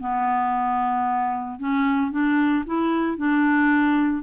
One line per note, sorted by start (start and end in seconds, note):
0.00 1.59 B3
1.59 2.11 C#4
2.11 2.64 D4
2.66 3.17 E4
3.17 4.23 D4